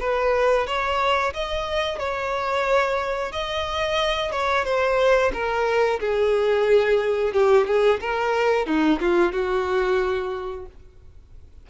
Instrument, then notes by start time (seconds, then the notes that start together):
violin
0.00 B4
0.66 C#5
1.34 D#5
1.99 C#5
3.32 D#5
4.31 C#5
4.65 C5
5.33 A#4
6.00 G#4
7.33 G4
7.67 G#4
8.00 A#4
8.66 D#4
9.00 F4
9.32 F#4